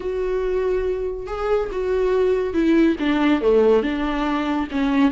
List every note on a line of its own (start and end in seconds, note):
0.00 1.27 F#4
1.27 1.69 G#4
1.71 2.53 F#4
2.53 2.96 E4
2.99 3.41 D4
3.41 3.82 A3
3.82 4.67 D4
4.71 5.11 C#4